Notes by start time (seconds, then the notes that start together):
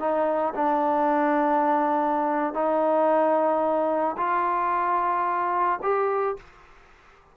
0.00 D#4
0.55 D4
2.55 D#4
4.18 F4
5.83 G4